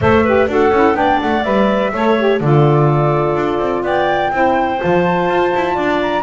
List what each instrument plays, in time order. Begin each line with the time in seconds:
0.01 double bass A3, saxophone A4, clarinet C5, flute E5
0.24 saxophone G4, clarinet B4
0.47 double bass D4, saxophone F#4, clarinet A4, flute F#5
0.70 double bass C#4, saxophone E4
0.94 double bass B3, saxophone D4, clarinet D5, flute G5
1.21 double bass A3, flute F#5
1.43 double bass G3, saxophone B4, flute E5
1.93 double bass A3, saxophone A4, clarinet C#5
2.18 saxophone G4
2.40 double bass D3, saxophone F4, clarinet A4, flute D5
3.35 double bass D4
3.58 double bass C4
3.82 double bass B3, clarinet D5, flute G5
4.30 double bass C4, saxophone E4, clarinet C5
4.77 saxophone F4, flute A5
4.84 double bass F3
5.29 double bass F4
5.54 double bass E4
5.74 double bass D4, clarinet D5
6.01 flute A#5